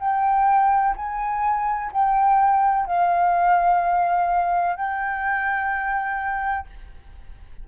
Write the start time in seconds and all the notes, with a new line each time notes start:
0.00 G5
0.96 G#5
1.92 G5
2.86 F5
4.76 G5